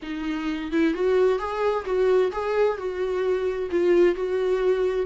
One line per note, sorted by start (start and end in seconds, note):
0.02 0.71 D#4
0.71 0.93 E4
0.93 1.38 F#4
1.38 1.85 G#4
1.85 2.31 F#4
2.32 2.77 G#4
2.77 3.69 F#4
3.70 4.15 F4
4.15 5.06 F#4